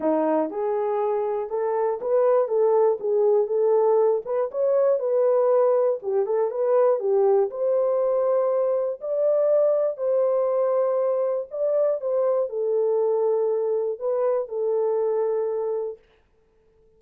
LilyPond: \new Staff \with { instrumentName = "horn" } { \time 4/4 \tempo 4 = 120 dis'4 gis'2 a'4 | b'4 a'4 gis'4 a'4~ | a'8 b'8 cis''4 b'2 | g'8 a'8 b'4 g'4 c''4~ |
c''2 d''2 | c''2. d''4 | c''4 a'2. | b'4 a'2. | }